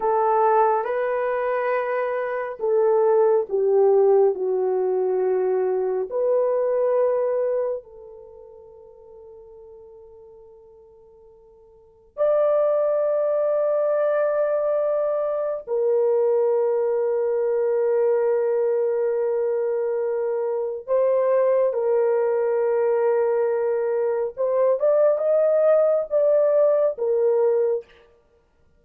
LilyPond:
\new Staff \with { instrumentName = "horn" } { \time 4/4 \tempo 4 = 69 a'4 b'2 a'4 | g'4 fis'2 b'4~ | b'4 a'2.~ | a'2 d''2~ |
d''2 ais'2~ | ais'1 | c''4 ais'2. | c''8 d''8 dis''4 d''4 ais'4 | }